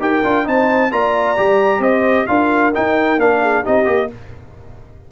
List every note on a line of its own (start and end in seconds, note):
0.00 0.23 D#4
0.00 0.23 G4
0.00 0.46 A#4
0.00 0.48 G5
0.24 0.47 D4
0.24 0.45 F4
0.45 0.92 C4
0.45 0.91 D#4
0.45 0.92 C5
0.45 0.92 A5
0.92 1.38 A#3
0.92 1.37 F4
0.92 1.81 D5
0.92 1.82 A#5
1.37 1.79 G3
1.37 2.28 G4
1.79 2.25 C4
1.79 2.27 C5
1.79 2.27 D#5
2.27 2.75 D4
2.27 2.73 F4
2.27 3.42 A#4
2.27 2.72 F5
2.74 3.19 D#4
2.74 3.18 D#4
2.74 3.20 G5
3.18 3.63 A#3
3.18 3.64 D4
3.18 3.65 F5
3.42 3.63 G#4
3.63 3.87 C4
3.63 3.85 D#4
3.63 4.08 G4
3.63 4.12 D#5
3.85 4.10 A#3
3.85 4.08 G4